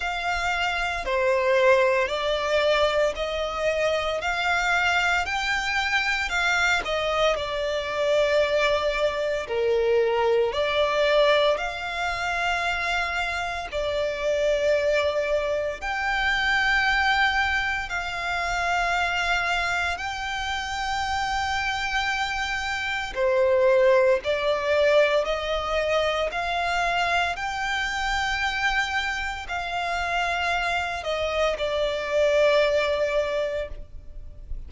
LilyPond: \new Staff \with { instrumentName = "violin" } { \time 4/4 \tempo 4 = 57 f''4 c''4 d''4 dis''4 | f''4 g''4 f''8 dis''8 d''4~ | d''4 ais'4 d''4 f''4~ | f''4 d''2 g''4~ |
g''4 f''2 g''4~ | g''2 c''4 d''4 | dis''4 f''4 g''2 | f''4. dis''8 d''2 | }